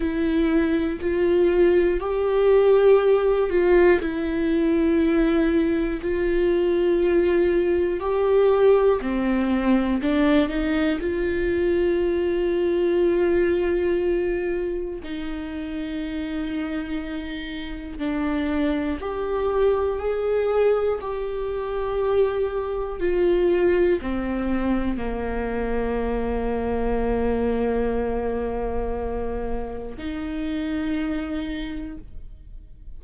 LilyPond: \new Staff \with { instrumentName = "viola" } { \time 4/4 \tempo 4 = 60 e'4 f'4 g'4. f'8 | e'2 f'2 | g'4 c'4 d'8 dis'8 f'4~ | f'2. dis'4~ |
dis'2 d'4 g'4 | gis'4 g'2 f'4 | c'4 ais2.~ | ais2 dis'2 | }